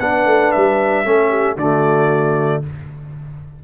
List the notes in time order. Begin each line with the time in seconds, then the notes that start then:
0.00 B3 D4 B4 F#5
0.26 A3
0.52 G3 E5
1.05 A3 C#4 A4
1.30 G4
1.56 D3 A3 F#4 D5